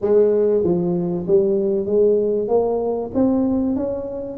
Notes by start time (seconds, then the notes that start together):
0.01 G#3
0.63 F3
1.27 G3
1.86 G#3
2.48 A#3
3.14 C4
3.76 C#4